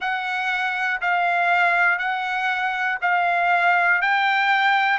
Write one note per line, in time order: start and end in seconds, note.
0.00 1.00 F#5
1.00 1.98 F5
1.98 2.98 F#5
3.01 4.01 F5
4.01 4.98 G5